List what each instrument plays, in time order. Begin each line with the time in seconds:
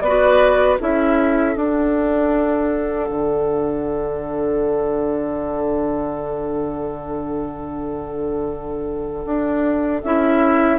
0.00 bassoon B3, oboe B4, flute D5
0.07 clarinet F#4
0.79 bassoon C#4, clarinet E4, oboe A4, flute E5
1.56 clarinet D4, bassoon D4, flute F#5
3.10 bassoon D3
9.25 bassoon D4
10.03 bassoon C#4, clarinet E4, flute E5